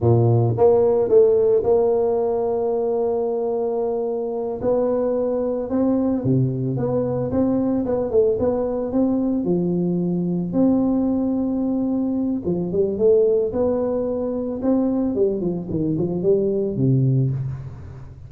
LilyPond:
\new Staff \with { instrumentName = "tuba" } { \time 4/4 \tempo 4 = 111 ais,4 ais4 a4 ais4~ | ais1~ | ais8 b2 c'4 c8~ | c8 b4 c'4 b8 a8 b8~ |
b8 c'4 f2 c'8~ | c'2. f8 g8 | a4 b2 c'4 | g8 f8 dis8 f8 g4 c4 | }